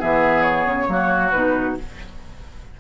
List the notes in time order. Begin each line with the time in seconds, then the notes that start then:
0.00 E3 B3 G#4 E5
0.43 C#5
0.66 C#3
0.87 F#3 A#3 F#4
1.31 B2 D#4 B4